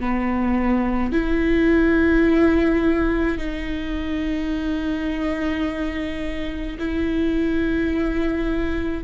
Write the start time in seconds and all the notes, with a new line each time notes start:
0.00 B3
1.13 E4
3.39 D#4
6.79 E4